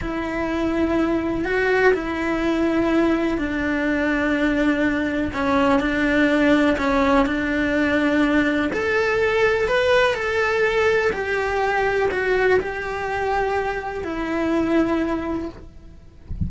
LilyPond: \new Staff \with { instrumentName = "cello" } { \time 4/4 \tempo 4 = 124 e'2. fis'4 | e'2. d'4~ | d'2. cis'4 | d'2 cis'4 d'4~ |
d'2 a'2 | b'4 a'2 g'4~ | g'4 fis'4 g'2~ | g'4 e'2. | }